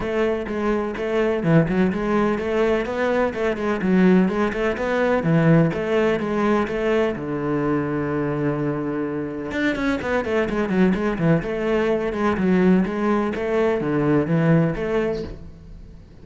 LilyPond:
\new Staff \with { instrumentName = "cello" } { \time 4/4 \tempo 4 = 126 a4 gis4 a4 e8 fis8 | gis4 a4 b4 a8 gis8 | fis4 gis8 a8 b4 e4 | a4 gis4 a4 d4~ |
d1 | d'8 cis'8 b8 a8 gis8 fis8 gis8 e8 | a4. gis8 fis4 gis4 | a4 d4 e4 a4 | }